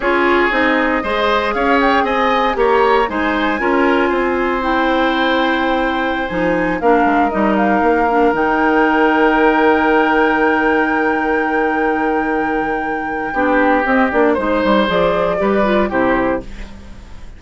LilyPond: <<
  \new Staff \with { instrumentName = "flute" } { \time 4/4 \tempo 4 = 117 cis''4 dis''2 f''8 g''8 | gis''4 ais''4 gis''2~ | gis''4 g''2.~ | g''16 gis''4 f''4 dis''8 f''4~ f''16~ |
f''16 g''2.~ g''8.~ | g''1~ | g''2. dis''8 d''8 | c''4 d''2 c''4 | }
  \new Staff \with { instrumentName = "oboe" } { \time 4/4 gis'2 c''4 cis''4 | dis''4 cis''4 c''4 ais'4 | c''1~ | c''4~ c''16 ais'2~ ais'8.~ |
ais'1~ | ais'1~ | ais'2 g'2 | c''2 b'4 g'4 | }
  \new Staff \with { instrumentName = "clarinet" } { \time 4/4 f'4 dis'4 gis'2~ | gis'4 g'4 dis'4 f'4~ | f'4 e'2.~ | e'16 dis'4 d'4 dis'4. d'16~ |
d'16 dis'2.~ dis'8.~ | dis'1~ | dis'2 d'4 c'8 d'8 | dis'4 gis'4 g'8 f'8 e'4 | }
  \new Staff \with { instrumentName = "bassoon" } { \time 4/4 cis'4 c'4 gis4 cis'4 | c'4 ais4 gis4 cis'4 | c'1~ | c'16 f4 ais8 gis8 g4 ais8.~ |
ais16 dis2.~ dis8.~ | dis1~ | dis2 b4 c'8 ais8 | gis8 g8 f4 g4 c4 | }
>>